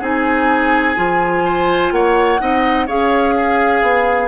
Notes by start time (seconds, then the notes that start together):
0.00 C4 D#4 G#4 G#5
0.95 F3 F4
1.45 C5
1.91 A#3 C#5 F#5
2.39 C4 D#4 D#5
2.86 C#4 G#4 C#5 F5
3.36 G#4
3.82 B3